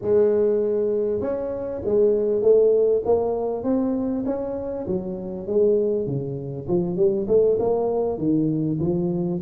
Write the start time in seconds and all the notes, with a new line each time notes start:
0.01 G#3
1.20 C#4
1.84 G#3
2.42 A3
3.05 A#3
3.63 C4
4.25 C#4
4.87 F#3
5.46 G#3
6.06 C#3
6.68 F3
6.96 G3
7.27 A3
7.59 A#3
8.18 D#3
8.80 F3